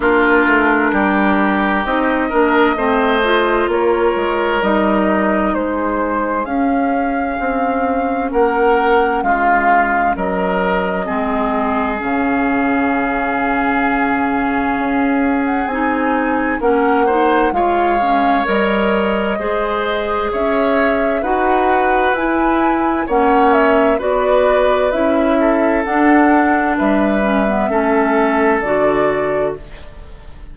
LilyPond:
<<
  \new Staff \with { instrumentName = "flute" } { \time 4/4 \tempo 4 = 65 ais'2 dis''2 | cis''4 dis''4 c''4 f''4~ | f''4 fis''4 f''4 dis''4~ | dis''4 f''2.~ |
f''8. fis''16 gis''4 fis''4 f''4 | dis''2 e''4 fis''4 | gis''4 fis''8 e''8 d''4 e''4 | fis''4 e''2 d''4 | }
  \new Staff \with { instrumentName = "oboe" } { \time 4/4 f'4 g'4. ais'8 c''4 | ais'2 gis'2~ | gis'4 ais'4 f'4 ais'4 | gis'1~ |
gis'2 ais'8 c''8 cis''4~ | cis''4 c''4 cis''4 b'4~ | b'4 cis''4 b'4. a'8~ | a'4 b'4 a'2 | }
  \new Staff \with { instrumentName = "clarinet" } { \time 4/4 d'2 dis'8 d'8 c'8 f'8~ | f'4 dis'2 cis'4~ | cis'1 | c'4 cis'2.~ |
cis'4 dis'4 cis'8 dis'8 f'8 cis'8 | ais'4 gis'2 fis'4 | e'4 cis'4 fis'4 e'4 | d'4. cis'16 b16 cis'4 fis'4 | }
  \new Staff \with { instrumentName = "bassoon" } { \time 4/4 ais8 a8 g4 c'8 ais8 a4 | ais8 gis8 g4 gis4 cis'4 | c'4 ais4 gis4 fis4 | gis4 cis2. |
cis'4 c'4 ais4 gis4 | g4 gis4 cis'4 dis'4 | e'4 ais4 b4 cis'4 | d'4 g4 a4 d4 | }
>>